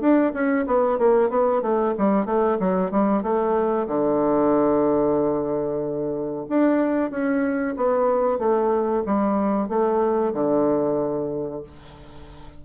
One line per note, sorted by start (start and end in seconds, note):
0.00 0.32 D4
0.33 0.66 C#4
0.66 0.98 B3
0.98 1.29 A#3
1.29 1.62 B3
1.62 1.94 A3
1.98 2.26 G3
2.26 2.58 A3
2.60 2.91 F#3
2.91 3.23 G3
3.23 3.87 A3
3.87 6.45 D3
6.49 7.11 D4
7.11 7.75 C#4
7.76 8.38 B3
8.38 9.03 A3
9.06 9.69 G3
9.69 10.33 A3
10.33 11.62 D3